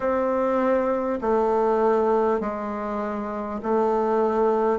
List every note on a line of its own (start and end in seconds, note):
0.00 1.19 C4
1.21 2.40 A3
2.40 3.60 G#3
3.62 4.79 A3